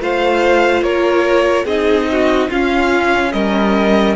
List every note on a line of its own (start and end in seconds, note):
0.00 0.83 A3
0.00 1.67 F4
0.00 0.84 C5
0.00 0.83 F5
0.83 1.65 A#3
0.83 1.65 A#4
0.83 1.66 C#5
1.65 2.48 C4
1.65 2.51 D#4
1.65 2.07 G#4
1.65 2.50 D#5
2.12 2.49 F#4
2.49 3.33 C#4
2.49 4.16 C#4
2.49 3.32 F4
2.49 3.33 F5
3.33 4.16 G3
3.33 4.16 A#4
3.33 4.16 D#5